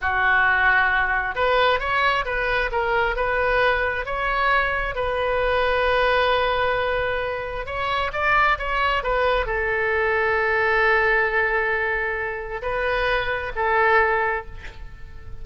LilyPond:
\new Staff \with { instrumentName = "oboe" } { \time 4/4 \tempo 4 = 133 fis'2. b'4 | cis''4 b'4 ais'4 b'4~ | b'4 cis''2 b'4~ | b'1~ |
b'4 cis''4 d''4 cis''4 | b'4 a'2.~ | a'1 | b'2 a'2 | }